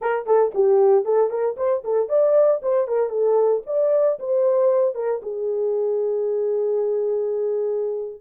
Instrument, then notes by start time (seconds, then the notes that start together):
horn
0.01 A#4
0.26 A4
0.54 G4
1.05 A4
1.30 A#4
1.57 C5
1.84 A4
2.09 D5
2.62 C5
2.87 A#4
3.09 A4
3.66 D5
4.19 C5
4.94 A#4
5.22 G#4